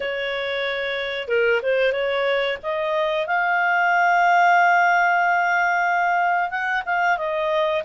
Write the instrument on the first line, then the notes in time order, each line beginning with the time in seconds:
clarinet
0.00 C#5
1.28 A#4
1.62 C5
1.92 C#5
2.62 D#5
3.26 F5
6.50 F#5
6.85 F5
7.17 D#5